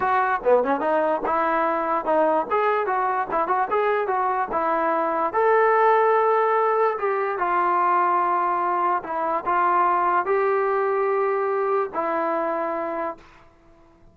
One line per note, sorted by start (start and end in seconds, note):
0.00 0.40 F#4
0.44 0.63 B3
0.63 0.80 C#4
0.80 1.21 D#4
1.26 2.05 E4
2.05 2.46 D#4
2.50 2.86 G#4
2.86 3.27 F#4
3.31 3.47 E4
3.47 3.68 F#4
3.70 4.07 G#4
4.07 4.48 F#4
4.51 5.33 E4
5.33 6.97 A4
6.98 7.38 G4
7.38 9.03 F4
9.03 9.44 E4
9.45 10.25 F4
10.25 11.90 G4
11.94 13.17 E4